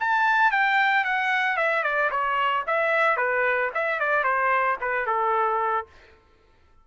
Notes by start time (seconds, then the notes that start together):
0.00 A5
0.51 G5
1.04 F#5
1.57 E5
1.83 D5
2.11 C#5
2.67 E5
3.17 B4
3.75 E5
3.99 D5
4.23 C5
4.81 B4
5.06 A4